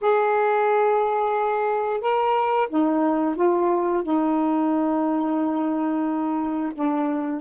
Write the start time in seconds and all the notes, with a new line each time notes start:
0.01 G#4
2.00 A#4
2.69 D#4
3.35 F4
4.03 D#4
6.74 D4